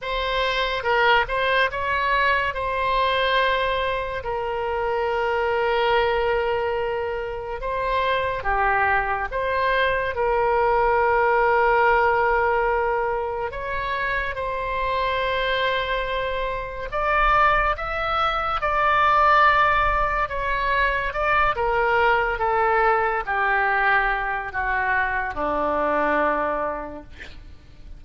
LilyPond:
\new Staff \with { instrumentName = "oboe" } { \time 4/4 \tempo 4 = 71 c''4 ais'8 c''8 cis''4 c''4~ | c''4 ais'2.~ | ais'4 c''4 g'4 c''4 | ais'1 |
cis''4 c''2. | d''4 e''4 d''2 | cis''4 d''8 ais'4 a'4 g'8~ | g'4 fis'4 d'2 | }